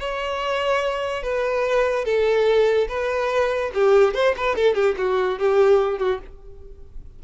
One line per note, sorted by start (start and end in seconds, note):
0.00 1.23 C#5
1.23 2.05 B4
2.05 2.88 A4
2.89 3.72 B4
3.75 4.15 G4
4.15 4.35 C5
4.37 4.56 B4
4.56 4.75 A4
4.75 4.96 G4
4.98 5.39 F#4
5.39 5.99 G4
5.99 6.20 F#4